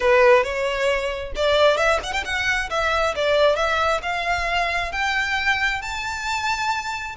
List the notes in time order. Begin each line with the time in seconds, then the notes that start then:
0.00 B4
0.43 C#5
1.35 D5
1.77 E5
2.03 F#5
2.13 G5
2.24 F#5
2.70 E5
3.15 D5
3.56 E5
4.02 F5
4.92 G5
5.81 A5